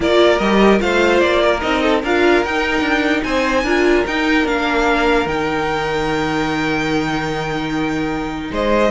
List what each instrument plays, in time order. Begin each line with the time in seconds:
0.00 cello A#3, viola F4, violin A#4 D5
0.38 cello G3, viola G4, violin D#5
0.78 cello A3, viola F4, violin C5 F5
1.19 cello A#3, violin D5
1.43 violin A#4
1.60 cello C4, viola D#4, violin D#5
1.83 violin A4
2.01 cello D4, viola F4, violin A#4 F5
2.44 cello D#4, viola D#4, violin G5
2.80 cello D4
3.23 cello C4, violin C5 G#5
3.63 cello D4, viola F4, violin A#4
4.06 viola D#4, cello D#4, violin G5
4.44 cello A#3, viola D4, violin F5
5.26 cello D#3, viola D#4, violin G5
8.50 cello G#3, violin C5 D#5